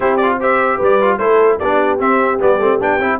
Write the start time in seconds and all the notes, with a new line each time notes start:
0.00 C4 E4 G4 C5
0.16 F4 D5
0.40 G4 C5 E5
0.76 G3 B4
0.83 D5
1.01 F4
1.17 A3 E4 A4 C5
1.59 B3 D4 G4 D5
1.99 C4 E5
2.39 G3 B3 D5
2.59 A3 C4
2.80 B3 D4 G5
2.99 C4 E4